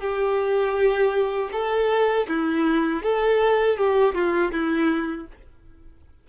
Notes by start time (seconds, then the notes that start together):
0.00 G4
1.52 A4
2.27 E4
3.02 A4
3.77 G4
4.15 F4
4.52 E4